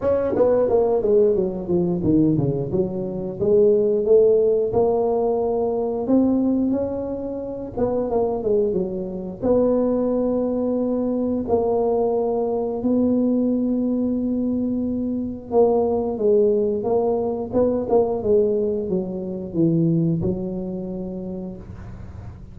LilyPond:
\new Staff \with { instrumentName = "tuba" } { \time 4/4 \tempo 4 = 89 cis'8 b8 ais8 gis8 fis8 f8 dis8 cis8 | fis4 gis4 a4 ais4~ | ais4 c'4 cis'4. b8 | ais8 gis8 fis4 b2~ |
b4 ais2 b4~ | b2. ais4 | gis4 ais4 b8 ais8 gis4 | fis4 e4 fis2 | }